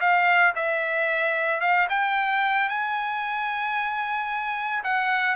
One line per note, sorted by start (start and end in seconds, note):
0.00 0.54 F5
0.56 1.60 E5
1.60 1.87 F5
1.89 2.69 G5
2.69 4.83 G#5
4.84 5.35 F#5